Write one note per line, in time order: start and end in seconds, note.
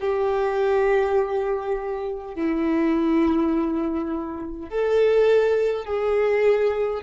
0.00 2.35 G4
2.35 4.70 E4
4.70 5.84 A4
5.84 7.02 G#4